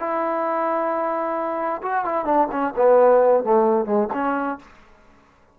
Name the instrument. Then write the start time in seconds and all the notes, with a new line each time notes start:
trombone
0.00 E4
1.83 F#4
2.05 E4
2.25 D4
2.52 C#4
2.77 B3
3.44 A3
3.86 G#3
4.14 C#4